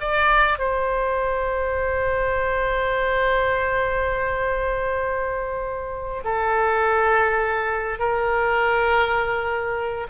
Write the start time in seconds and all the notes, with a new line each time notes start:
0.00 D5
0.58 C5
6.24 A4
7.99 A#4